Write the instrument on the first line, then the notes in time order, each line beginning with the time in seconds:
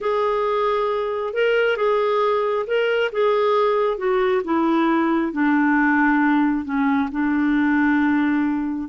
clarinet
0.00 G#4
1.33 A#4
1.77 G#4
2.66 A#4
3.12 G#4
3.97 F#4
4.44 E4
5.32 D4
6.64 C#4
7.11 D4